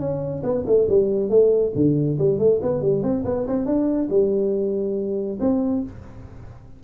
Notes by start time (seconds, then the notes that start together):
0.00 C#4
0.44 B3
0.67 A3
0.89 G3
1.30 A3
1.76 D3
2.19 G3
2.39 A3
2.62 B3
2.82 G3
3.03 C4
3.25 B3
3.48 C4
3.66 D4
4.10 G3
5.41 C4